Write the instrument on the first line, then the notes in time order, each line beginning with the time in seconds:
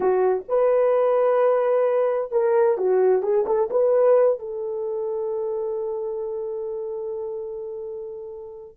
horn
0.00 F#4
0.48 B4
2.31 A#4
2.77 F#4
3.22 G#4
3.46 A4
3.70 B4
4.39 A4